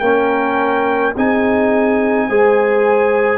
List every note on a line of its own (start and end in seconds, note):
0.00 1.14 A#3
0.00 1.16 C#4
0.00 1.14 A#4
0.00 1.13 G5
1.15 2.29 C4
1.15 2.30 D#4
1.15 2.28 G#4
1.15 3.39 G#5
2.29 3.39 G#3
2.29 3.39 G#4
2.29 3.39 C5